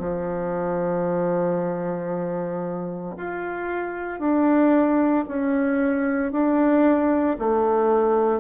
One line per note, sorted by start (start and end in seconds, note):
0.00 3.16 F3
3.18 4.20 F4
4.20 5.25 D4
5.28 6.33 C#4
6.33 7.38 D4
7.39 8.41 A3